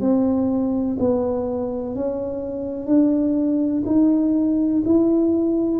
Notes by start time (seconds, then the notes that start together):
0.00 C4
0.99 B3
1.95 C#4
2.86 D4
3.86 D#4
4.85 E4